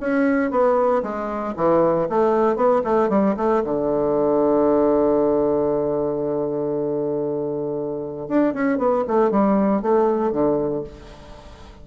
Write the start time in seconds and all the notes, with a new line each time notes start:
0.00 C#4
0.51 B3
1.03 G#3
1.56 E3
2.09 A3
2.56 B3
2.84 A3
3.09 G3
3.37 A3
3.64 D3
8.29 D4
8.54 C#4
8.78 B3
9.08 A3
9.31 G3
9.82 A3
10.32 D3